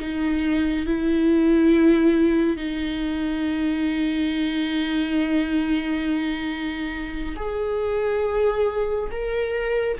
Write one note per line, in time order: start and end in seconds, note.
0.00 0.86 D#4
0.86 2.57 E4
2.57 7.35 D#4
7.36 9.10 G#4
9.11 9.98 A#4